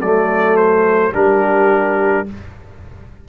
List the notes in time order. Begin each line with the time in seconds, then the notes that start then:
0.00 F#3 A3 A4 D5
0.56 C5
1.12 G3 D4 G4 A#4